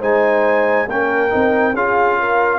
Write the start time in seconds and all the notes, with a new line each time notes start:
0.00 G#3 D#4 C5 G#5
0.88 A#3 C#4 A#4 G5
1.30 C4 D#4
1.74 C#4 F4 G#4 F5
2.20 A#4